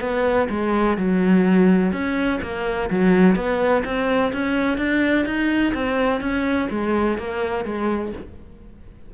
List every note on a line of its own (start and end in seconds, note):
0.00 0.48 B3
0.49 0.97 G#3
0.97 1.92 F#3
1.92 2.40 C#4
2.42 2.89 A#3
2.90 3.35 F#3
3.35 3.83 B3
3.85 4.32 C4
4.32 4.77 C#4
4.77 5.25 D4
5.25 5.73 D#4
5.74 6.20 C4
6.20 6.68 C#4
6.70 7.18 G#3
7.18 7.65 A#3
7.65 8.12 G#3